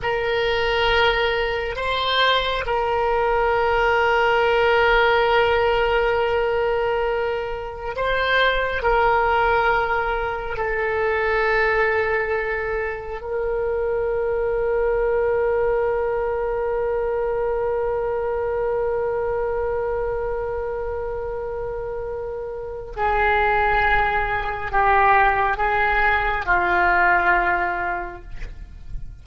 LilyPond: \new Staff \with { instrumentName = "oboe" } { \time 4/4 \tempo 4 = 68 ais'2 c''4 ais'4~ | ais'1~ | ais'4 c''4 ais'2 | a'2. ais'4~ |
ais'1~ | ais'1~ | ais'2 gis'2 | g'4 gis'4 f'2 | }